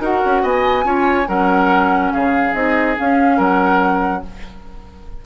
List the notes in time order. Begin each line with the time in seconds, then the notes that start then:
0.00 D#4 F#4 A#4 F#5
0.25 C#4
0.42 B3 D#5 G#5
0.84 C#4 F4 C#5
1.25 F#3 C#4 A#4 F#5
2.12 C#3 G#4 F5
2.54 C4 D#4 D#5
2.96 C#4 F5
3.37 F#3 A#4 F#5